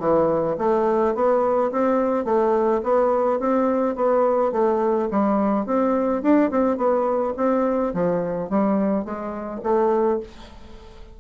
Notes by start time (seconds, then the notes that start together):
0.00 E3
0.58 A3
1.15 B3
1.72 C4
2.25 A3
2.83 B3
3.40 C4
3.96 B3
4.52 A3
5.11 G3
5.66 C4
6.23 D4
6.51 C4
6.77 B3
7.37 C4
7.93 F3
8.50 G3
9.05 G#3
9.64 A3